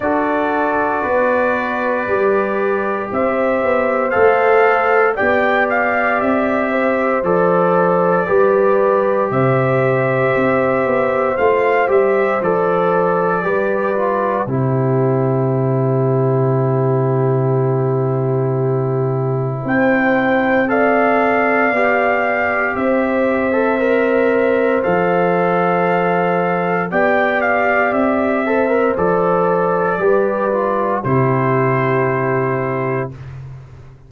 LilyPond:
<<
  \new Staff \with { instrumentName = "trumpet" } { \time 4/4 \tempo 4 = 58 d''2. e''4 | f''4 g''8 f''8 e''4 d''4~ | d''4 e''2 f''8 e''8 | d''2 c''2~ |
c''2. g''4 | f''2 e''2 | f''2 g''8 f''8 e''4 | d''2 c''2 | }
  \new Staff \with { instrumentName = "horn" } { \time 4/4 a'4 b'2 c''4~ | c''4 d''4. c''4. | b'4 c''2.~ | c''4 b'4 g'2~ |
g'2. c''4 | d''2 c''2~ | c''2 d''4. c''8~ | c''4 b'4 g'2 | }
  \new Staff \with { instrumentName = "trombone" } { \time 4/4 fis'2 g'2 | a'4 g'2 a'4 | g'2. f'8 g'8 | a'4 g'8 f'8 e'2~ |
e'1 | a'4 g'4.~ g'16 a'16 ais'4 | a'2 g'4. a'16 ais'16 | a'4 g'8 f'8 e'2 | }
  \new Staff \with { instrumentName = "tuba" } { \time 4/4 d'4 b4 g4 c'8 b8 | a4 b4 c'4 f4 | g4 c4 c'8 b8 a8 g8 | f4 g4 c2~ |
c2. c'4~ | c'4 b4 c'2 | f2 b4 c'4 | f4 g4 c2 | }
>>